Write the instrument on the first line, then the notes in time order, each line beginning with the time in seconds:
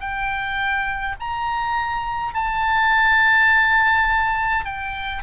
oboe
0.00 G5
1.20 A#5
2.34 A5
4.65 G5